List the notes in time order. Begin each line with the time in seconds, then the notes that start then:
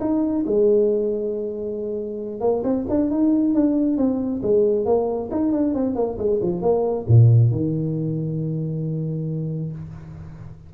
0.00 D#4
0.46 G#3
2.40 A#3
2.63 C4
2.89 D4
3.10 D#4
3.54 D4
3.97 C4
4.42 G#3
4.85 A#3
5.31 D#4
5.52 D4
5.74 C4
5.95 A#3
6.18 G#3
6.42 F3
6.61 A#3
7.07 A#2
7.51 D#3